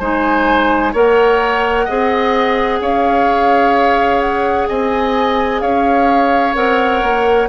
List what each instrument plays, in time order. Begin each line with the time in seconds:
0.00 bassoon G#3, clarinet D#4, oboe C5, flute G#5
0.93 bassoon A#3, clarinet A#4, oboe C#5, flute F#5
1.85 bassoon C4, clarinet G#4, oboe D#5
2.80 bassoon C#4, oboe C#5, flute F5
4.21 flute F#5
4.69 bassoon C4, oboe D#5, flute G#5
5.61 bassoon C#4, oboe C#5, flute F5
6.55 bassoon C4, clarinet A#4, flute F#5
7.03 bassoon A#3